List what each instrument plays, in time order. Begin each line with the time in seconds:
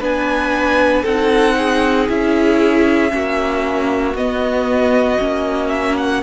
0.00 cello B3, viola D4, violin B4 G#5
1.03 cello C4, viola D#4, violin A4 F#5
1.58 violin G#4
2.09 cello C#4, viola E4, violin E5
3.11 cello A#3, viola C#4, violin F#4
4.15 cello B3, viola B3, violin D#5
5.20 cello A#3, viola C#4
5.70 violin E5
5.98 violin F#5